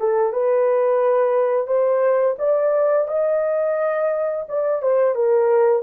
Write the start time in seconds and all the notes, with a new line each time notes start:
0.00 A4
0.33 B4
1.67 C5
2.39 D5
3.08 D#5
4.49 D5
4.82 C5
5.15 A#4